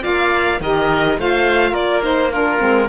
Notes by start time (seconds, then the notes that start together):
0.00 A#3 F4 D5 F5
0.60 D#3 G4 A#4 D#5
1.18 A3 F4 C5 F5
1.71 A#3 A#4 D5
2.01 D#4 C5
2.31 D4 F4 A#4
2.59 G#3 C4